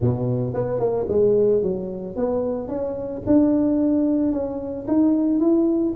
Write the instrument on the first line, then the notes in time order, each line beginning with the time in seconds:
tuba
0.00 B2
0.53 B3
0.79 A#3
1.08 G#3
1.62 F#3
2.15 B3
2.68 C#4
3.26 D4
4.32 C#4
4.87 D#4
5.39 E4